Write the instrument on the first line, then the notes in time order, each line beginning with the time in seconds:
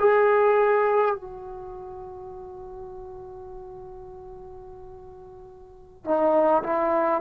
trombone
0.00 G#4
1.15 F#4
6.05 D#4
6.63 E4